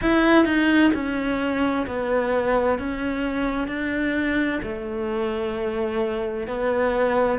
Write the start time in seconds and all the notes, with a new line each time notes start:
0.01 E4
0.44 D#4
0.94 C#4
1.86 B3
2.79 C#4
3.67 D4
4.62 A3
6.47 B3